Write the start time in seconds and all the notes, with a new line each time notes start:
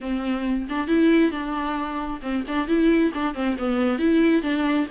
0.00 C4
0.69 D4
0.87 E4
1.31 D4
2.22 C4
2.47 D4
2.67 E4
3.14 D4
3.34 C4
3.58 B3
3.98 E4
4.42 D4